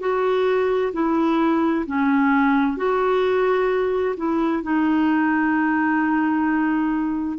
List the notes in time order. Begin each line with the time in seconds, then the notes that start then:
0.00 F#4
0.93 E4
1.86 C#4
2.77 F#4
4.17 E4
4.63 D#4